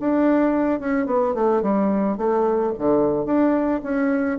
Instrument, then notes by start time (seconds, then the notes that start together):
bassoon
0.00 D4
0.80 C#4
1.07 B3
1.35 A3
1.62 G3
2.17 A3
2.78 D3
3.25 D4
3.83 C#4